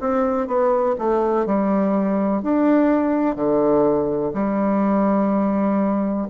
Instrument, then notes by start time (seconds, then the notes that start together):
bassoon
0.00 C4
0.47 B3
0.98 A3
1.46 G3
2.42 D4
3.35 D3
4.33 G3